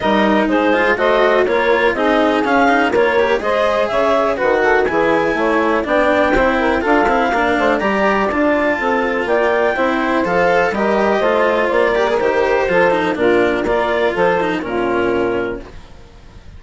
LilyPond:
<<
  \new Staff \with { instrumentName = "clarinet" } { \time 4/4 \tempo 4 = 123 dis''4 c''4 dis''4 cis''4 | dis''4 f''4 cis''4 dis''4 | e''4 fis''4 gis''2 | g''2 f''2 |
ais''4 a''2 g''4~ | g''4 f''4 dis''2 | d''4 c''2 ais'4 | d''4 c''4 ais'2 | }
  \new Staff \with { instrumentName = "saxophone" } { \time 4/4 ais'4 gis'4 c''4 ais'4 | gis'2 ais'4 c''4 | cis''4 b'8 a'8 gis'4 cis''4 | d''4 c''8 ais'8 a'4 ais'8 c''8 |
d''2 a'4 d''4 | c''2 ais'4 c''4~ | c''8 ais'4. a'4 f'4 | ais'4 a'4 f'2 | }
  \new Staff \with { instrumentName = "cello" } { \time 4/4 dis'4. f'8 fis'4 f'4 | dis'4 cis'8 dis'8 f'8 g'8 gis'4~ | gis'4 fis'4 e'2 | d'4 e'4 f'8 e'8 d'4 |
g'4 f'2. | e'4 a'4 g'4 f'4~ | f'8 g'16 gis'16 g'4 f'8 dis'8 d'4 | f'4. dis'8 cis'2 | }
  \new Staff \with { instrumentName = "bassoon" } { \time 4/4 g4 gis4 a4 ais4 | c'4 cis'4 ais4 gis4 | cis4 dis4 e4 a4 | b4 c'4 d'8 c'8 ais8 a8 |
g4 d'4 c'4 ais4 | c'4 f4 g4 a4 | ais4 dis4 f4 ais,4 | ais4 f4 ais,2 | }
>>